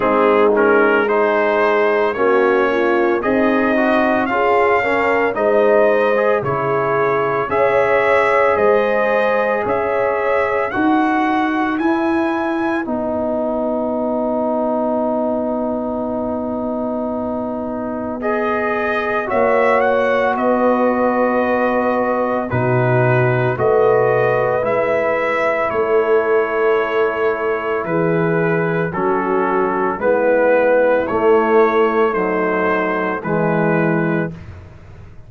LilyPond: <<
  \new Staff \with { instrumentName = "trumpet" } { \time 4/4 \tempo 4 = 56 gis'8 ais'8 c''4 cis''4 dis''4 | f''4 dis''4 cis''4 e''4 | dis''4 e''4 fis''4 gis''4 | fis''1~ |
fis''4 dis''4 e''8 fis''8 dis''4~ | dis''4 b'4 dis''4 e''4 | cis''2 b'4 a'4 | b'4 cis''4 c''4 b'4 | }
  \new Staff \with { instrumentName = "horn" } { \time 4/4 dis'4 gis'4 fis'8 f'8 dis'4 | gis'8 ais'8 c''4 gis'4 cis''4 | c''4 cis''4 b'2~ | b'1~ |
b'2 cis''4 b'4~ | b'4 fis'4 b'2 | a'2 gis'4 fis'4 | e'2 dis'4 e'4 | }
  \new Staff \with { instrumentName = "trombone" } { \time 4/4 c'8 cis'8 dis'4 cis'4 gis'8 fis'8 | f'8 cis'8 dis'8. gis'16 e'4 gis'4~ | gis'2 fis'4 e'4 | dis'1~ |
dis'4 gis'4 fis'2~ | fis'4 dis'4 fis'4 e'4~ | e'2. cis'4 | b4 a4 fis4 gis4 | }
  \new Staff \with { instrumentName = "tuba" } { \time 4/4 gis2 ais4 c'4 | cis'4 gis4 cis4 cis'4 | gis4 cis'4 dis'4 e'4 | b1~ |
b2 ais4 b4~ | b4 b,4 a4 gis4 | a2 e4 fis4 | gis4 a2 e4 | }
>>